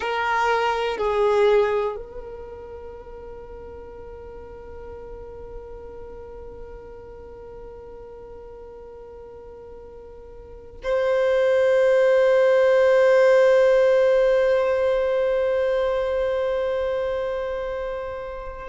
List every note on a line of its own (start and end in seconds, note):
0.00 0.97 A#4
0.97 1.95 G#4
1.95 10.81 A#4
10.83 18.68 C5